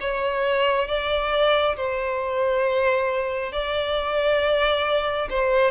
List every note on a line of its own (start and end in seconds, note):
0.00 0.87 C#5
0.87 1.76 D5
1.76 3.52 C5
3.52 5.28 D5
5.30 5.71 C5